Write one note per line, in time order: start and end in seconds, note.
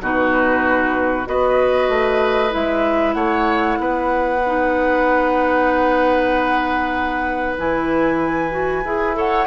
0.00 1.26 B2
0.00 1.25 D#4
0.00 1.28 F#4
0.00 1.27 B4
1.25 1.88 B3
1.25 2.50 F#4
1.25 3.15 B4
1.25 2.53 D#5
1.88 2.52 A3
2.50 3.14 G#3
2.50 4.39 E4
2.50 3.13 E5
3.13 3.77 A3
3.13 3.78 C#5
3.13 7.55 F#5
3.78 7.57 B3
3.78 9.16 B4
4.46 7.58 D#4
7.58 8.84 E3
7.58 8.51 E4
7.58 9.16 G#5
8.51 8.82 F#4
8.84 9.46 E4
8.84 9.14 G#4
9.14 9.46 A4
9.14 9.46 C#5
9.14 9.46 F#5